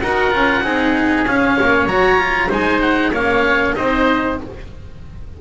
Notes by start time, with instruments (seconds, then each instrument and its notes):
0.00 double bass D#4, cello F#4, oboe A#4 F#5
0.31 double bass C#4, cello F4
0.63 double bass C4, cello D#4, oboe G#4
1.27 double bass C#4, cello C#4, oboe F5
1.57 double bass A#3, oboe C#5
1.86 double bass F#3, cello F#4, oboe A#5
2.19 cello F4
2.49 double bass G#3, cello D#4, oboe C5 G#5
2.81 oboe F#5
3.12 double bass A#3, cello C#4, oboe C#5 F5
3.74 double bass C4, cello D#4, oboe C5 D#5